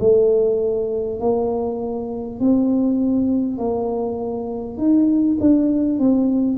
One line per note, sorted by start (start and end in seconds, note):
0.00 1.19 A3
1.19 2.39 A#3
2.40 3.58 C4
3.58 4.77 A#3
4.77 5.37 D#4
5.41 5.99 D4
5.99 6.58 C4